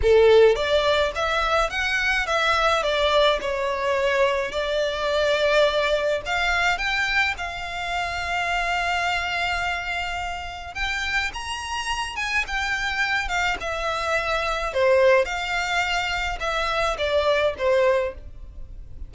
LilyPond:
\new Staff \with { instrumentName = "violin" } { \time 4/4 \tempo 4 = 106 a'4 d''4 e''4 fis''4 | e''4 d''4 cis''2 | d''2. f''4 | g''4 f''2.~ |
f''2. g''4 | ais''4. gis''8 g''4. f''8 | e''2 c''4 f''4~ | f''4 e''4 d''4 c''4 | }